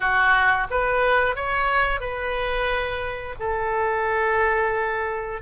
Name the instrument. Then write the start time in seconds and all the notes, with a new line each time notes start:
oboe
0.00 F#4
0.70 B4
1.35 C#5
2.00 B4
3.39 A4